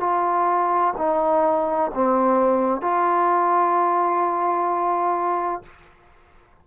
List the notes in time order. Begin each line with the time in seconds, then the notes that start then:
0.00 F4
0.98 D#4
1.94 C4
2.81 F4